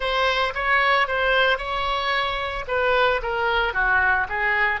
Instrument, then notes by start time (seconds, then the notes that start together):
oboe
0.00 C5
0.54 C#5
1.07 C5
1.58 C#5
2.67 B4
3.22 A#4
3.73 F#4
4.28 G#4